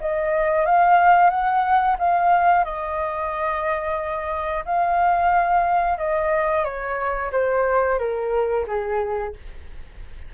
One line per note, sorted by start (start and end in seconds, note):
0.00 0.65 D#5
0.65 1.30 F5
1.30 1.96 F#5
1.99 2.64 F5
2.64 4.64 D#5
4.65 5.98 F5
5.98 6.64 D#5
6.64 7.31 C#5
7.32 7.98 C5
7.98 8.65 A#4
8.67 9.33 G#4